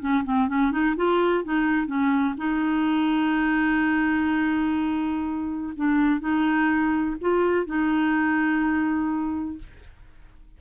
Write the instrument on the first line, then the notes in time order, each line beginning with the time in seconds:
clarinet
0.00 C#4
0.24 C4
0.48 C#4
0.71 D#4
0.96 F4
1.45 D#4
1.87 C#4
2.37 D#4
5.76 D4
6.20 D#4
7.21 F4
7.66 D#4